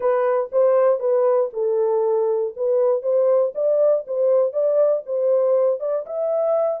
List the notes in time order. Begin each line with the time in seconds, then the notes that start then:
0.00 B4
0.52 C5
0.99 B4
1.53 A4
2.56 B4
3.02 C5
3.54 D5
4.07 C5
4.52 D5
5.06 C5
5.80 D5
6.06 E5